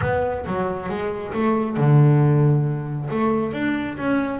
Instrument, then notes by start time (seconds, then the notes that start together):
double bass
0.01 B3
0.46 F#3
0.89 G#3
1.33 A3
1.76 D3
3.10 A3
3.52 D4
3.97 C#4